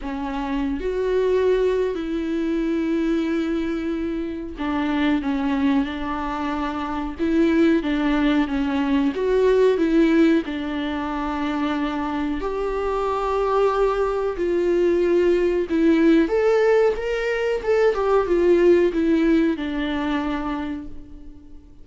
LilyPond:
\new Staff \with { instrumentName = "viola" } { \time 4/4 \tempo 4 = 92 cis'4~ cis'16 fis'4.~ fis'16 e'4~ | e'2. d'4 | cis'4 d'2 e'4 | d'4 cis'4 fis'4 e'4 |
d'2. g'4~ | g'2 f'2 | e'4 a'4 ais'4 a'8 g'8 | f'4 e'4 d'2 | }